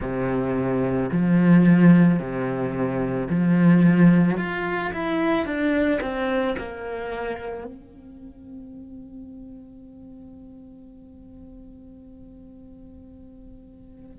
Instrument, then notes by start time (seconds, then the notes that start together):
cello
0.00 C3
1.12 F3
2.19 C3
3.29 F3
4.37 F4
4.93 E4
5.45 D4
6.01 C4
6.58 A#3
7.64 C4